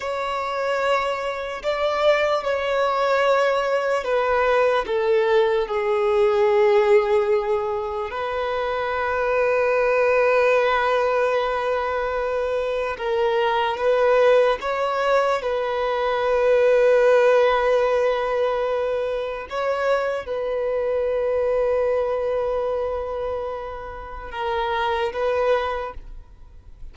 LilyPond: \new Staff \with { instrumentName = "violin" } { \time 4/4 \tempo 4 = 74 cis''2 d''4 cis''4~ | cis''4 b'4 a'4 gis'4~ | gis'2 b'2~ | b'1 |
ais'4 b'4 cis''4 b'4~ | b'1 | cis''4 b'2.~ | b'2 ais'4 b'4 | }